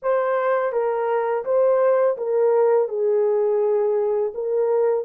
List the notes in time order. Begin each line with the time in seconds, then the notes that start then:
0.02 C5
0.72 A#4
1.44 C5
2.17 A#4
2.88 G#4
4.34 A#4